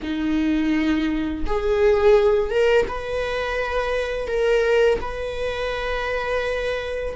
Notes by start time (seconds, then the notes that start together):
0.02 D#4
1.46 G#4
2.50 A#4
2.88 B4
4.27 A#4
5.00 B4